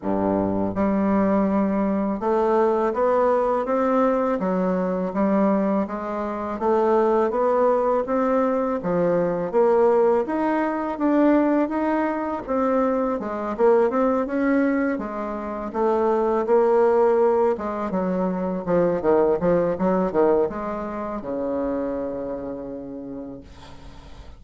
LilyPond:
\new Staff \with { instrumentName = "bassoon" } { \time 4/4 \tempo 4 = 82 g,4 g2 a4 | b4 c'4 fis4 g4 | gis4 a4 b4 c'4 | f4 ais4 dis'4 d'4 |
dis'4 c'4 gis8 ais8 c'8 cis'8~ | cis'8 gis4 a4 ais4. | gis8 fis4 f8 dis8 f8 fis8 dis8 | gis4 cis2. | }